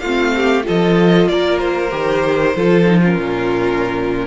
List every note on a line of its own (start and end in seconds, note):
0.00 0.65 A3
0.00 0.34 F4
0.00 0.63 F5
0.07 0.63 C4
0.37 0.66 G4
0.63 1.90 F4
0.63 1.30 A4
0.63 1.29 D#5
0.70 1.29 F3
1.29 1.92 A#3
1.29 2.56 A#4
1.29 1.59 D5
1.59 3.01 C5
1.91 2.55 D#3
1.91 2.54 G4
2.56 3.18 F3
2.56 2.86 F4
2.56 3.01 A4
2.86 3.02 D#4
3.01 4.28 C#4
3.01 4.27 F4
3.01 4.28 A#4
3.18 4.28 A#2